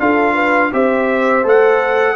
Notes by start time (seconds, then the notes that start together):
0.00 D4 F4 A4 F5
0.34 B4
0.73 C4 G4 C5 E5
1.44 A3 A4 F#5